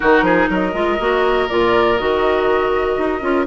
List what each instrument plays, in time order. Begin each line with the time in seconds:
0.00 bassoon D#3, clarinet D#4, oboe F#4, flute A#4
0.21 bassoon F3, oboe G#4
0.49 bassoon F#3, oboe A#4, flute D#5
0.73 bassoon G#3, clarinet F4
0.99 bassoon A#3, clarinet F#4
1.49 bassoon A#2, clarinet F4, flute D5
1.97 bassoon D#3, clarinet F#4, flute D#5
2.97 bassoon D#4
3.21 bassoon C#4, clarinet F4